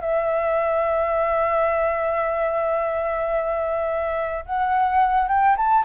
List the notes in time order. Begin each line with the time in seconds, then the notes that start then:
0.00 E5
4.45 F#5
5.28 G5
5.57 A5